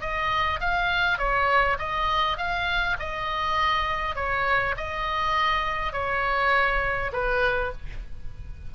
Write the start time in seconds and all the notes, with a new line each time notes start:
0.00 D#5
0.60 F5
1.18 C#5
1.78 D#5
2.37 F5
2.99 D#5
4.15 C#5
4.77 D#5
5.92 C#5
7.12 B4